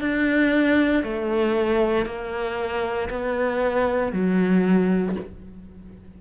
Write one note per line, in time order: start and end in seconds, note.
0.00 1.03 D4
1.03 2.05 A3
2.05 3.09 A#3
3.09 4.12 B3
4.12 5.15 F#3